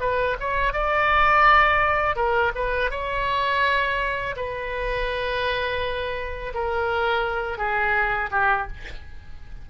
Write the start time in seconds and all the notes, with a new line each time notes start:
0.00 B4
0.39 C#5
0.73 D5
2.16 A#4
2.55 B4
2.90 C#5
4.36 B4
6.54 A#4
7.57 G#4
8.31 G4